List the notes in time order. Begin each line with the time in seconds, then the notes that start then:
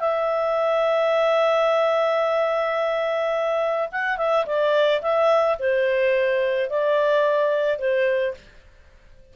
0.00 E5
3.92 F#5
4.17 E5
4.46 D5
5.02 E5
5.59 C5
6.70 D5
7.79 C5